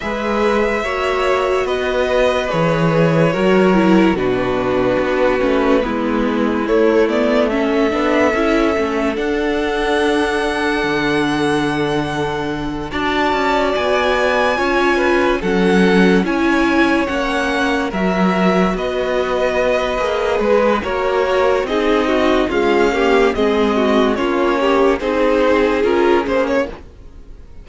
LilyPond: <<
  \new Staff \with { instrumentName = "violin" } { \time 4/4 \tempo 4 = 72 e''2 dis''4 cis''4~ | cis''4 b'2. | cis''8 d''8 e''2 fis''4~ | fis''2.~ fis''8 a''8~ |
a''8 gis''2 fis''4 gis''8~ | gis''8 fis''4 e''4 dis''4.~ | dis''8 b'8 cis''4 dis''4 f''4 | dis''4 cis''4 c''4 ais'8 c''16 cis''16 | }
  \new Staff \with { instrumentName = "violin" } { \time 4/4 b'4 cis''4 b'2 | ais'4 fis'2 e'4~ | e'4 a'2.~ | a'2.~ a'8 d''8~ |
d''4. cis''8 b'8 a'4 cis''8~ | cis''4. ais'4 b'4.~ | b'4 ais'4 gis'8 fis'8 f'8 g'8 | gis'8 fis'8 f'8 g'8 gis'2 | }
  \new Staff \with { instrumentName = "viola" } { \time 4/4 gis'4 fis'2 gis'4 | fis'8 e'8 d'4. cis'8 b4 | a8 b8 cis'8 d'8 e'8 cis'8 d'4~ | d'2.~ d'8 fis'8~ |
fis'4. f'4 cis'4 e'8~ | e'8 cis'4 fis'2~ fis'8 | gis'4 fis'4 dis'4 gis8 ais8 | c'4 cis'4 dis'4 f'8 cis'8 | }
  \new Staff \with { instrumentName = "cello" } { \time 4/4 gis4 ais4 b4 e4 | fis4 b,4 b8 a8 gis4 | a4. b8 cis'8 a8 d'4~ | d'4 d2~ d8 d'8 |
cis'8 b4 cis'4 fis4 cis'8~ | cis'8 ais4 fis4 b4. | ais8 gis8 ais4 c'4 cis'4 | gis4 ais4 c'4 cis'8 ais8 | }
>>